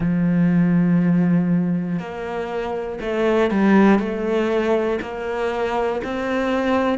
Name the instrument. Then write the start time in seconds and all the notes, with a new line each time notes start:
cello
0.00 F3
1.99 A#3
3.00 A3
3.50 G3
3.99 A3
5.01 A#3
6.04 C4